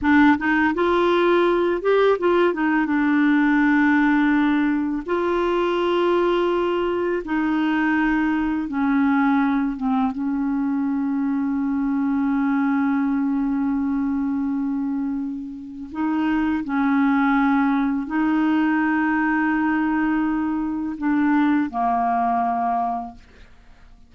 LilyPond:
\new Staff \with { instrumentName = "clarinet" } { \time 4/4 \tempo 4 = 83 d'8 dis'8 f'4. g'8 f'8 dis'8 | d'2. f'4~ | f'2 dis'2 | cis'4. c'8 cis'2~ |
cis'1~ | cis'2 dis'4 cis'4~ | cis'4 dis'2.~ | dis'4 d'4 ais2 | }